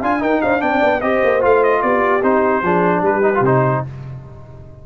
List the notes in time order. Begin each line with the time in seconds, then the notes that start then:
0.00 D4 F4 F5 G#5
0.19 D#4 A#4 G5
0.42 D4 C5 F5
0.60 C4 D4 D5 G5
0.83 B3
1.01 C4 G4 C5 D#5
1.24 A#3
1.41 A3 F4 F5
1.64 D#5
1.83 B3 G4 D5
2.23 C4 D#4 C5
2.63 F3 D4 G#4
3.02 G3 G4 B4
3.23 D#4
3.35 C3 F4
3.45 D#4 C5